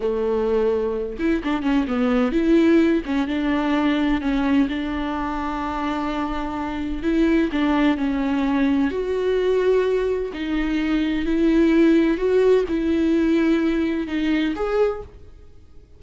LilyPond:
\new Staff \with { instrumentName = "viola" } { \time 4/4 \tempo 4 = 128 a2~ a8 e'8 d'8 cis'8 | b4 e'4. cis'8 d'4~ | d'4 cis'4 d'2~ | d'2. e'4 |
d'4 cis'2 fis'4~ | fis'2 dis'2 | e'2 fis'4 e'4~ | e'2 dis'4 gis'4 | }